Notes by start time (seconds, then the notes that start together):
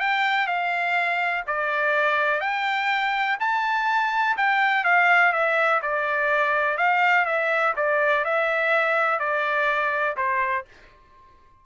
0.00 G5
0.47 F5
1.47 D5
2.41 G5
3.40 A5
4.37 G5
4.84 F5
5.33 E5
5.82 D5
6.77 F5
7.25 E5
7.76 D5
8.25 E5
9.20 D5
10.17 C5